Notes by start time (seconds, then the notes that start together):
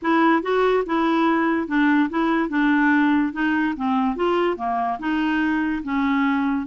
0.02 E4
0.42 F#4
0.85 E4
1.67 D4
2.09 E4
2.49 D4
3.32 D#4
3.76 C4
4.16 F4
4.57 A#3
4.99 D#4
5.83 C#4